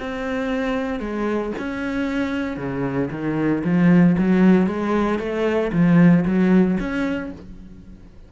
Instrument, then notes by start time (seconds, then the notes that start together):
cello
0.00 C4
1.00 G#3
1.59 C#4
2.57 C#3
3.11 D#3
3.65 F3
4.18 F#3
4.67 G#3
5.19 A3
5.73 F3
6.26 F#3
6.80 C#4